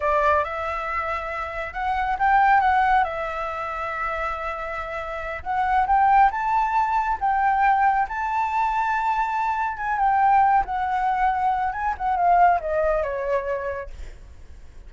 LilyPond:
\new Staff \with { instrumentName = "flute" } { \time 4/4 \tempo 4 = 138 d''4 e''2. | fis''4 g''4 fis''4 e''4~ | e''1~ | e''8 fis''4 g''4 a''4.~ |
a''8 g''2 a''4.~ | a''2~ a''8 gis''8 g''4~ | g''8 fis''2~ fis''8 gis''8 fis''8 | f''4 dis''4 cis''2 | }